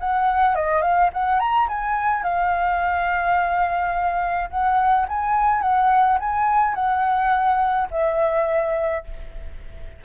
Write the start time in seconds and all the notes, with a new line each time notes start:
0.00 F#5
0.55 D#5
0.82 F5
1.13 F#5
1.39 A#5
1.68 G#5
2.23 F5
4.50 F#5
5.08 G#5
5.62 F#5
6.20 G#5
6.75 F#5
7.91 E5